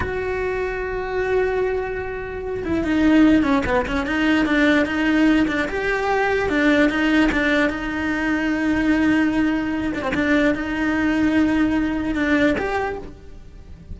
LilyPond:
\new Staff \with { instrumentName = "cello" } { \time 4/4 \tempo 4 = 148 fis'1~ | fis'2~ fis'8 e'8 dis'4~ | dis'8 cis'8 b8 cis'8 dis'4 d'4 | dis'4. d'8 g'2 |
d'4 dis'4 d'4 dis'4~ | dis'1~ | dis'8 d'16 c'16 d'4 dis'2~ | dis'2 d'4 g'4 | }